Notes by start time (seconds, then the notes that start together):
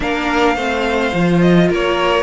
0.00 A#3 D4 A#4 F5
0.55 A3 C4 C5
1.12 F3 F4
1.41 D#5
1.69 A#3 A#4 C#5